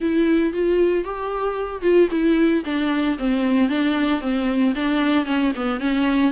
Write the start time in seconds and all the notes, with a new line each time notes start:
0.00 E4
0.53 F4
1.04 G4
1.82 F4
2.11 E4
2.65 D4
3.18 C4
3.69 D4
4.20 C4
4.75 D4
5.25 C#4
5.55 B3
5.79 C#4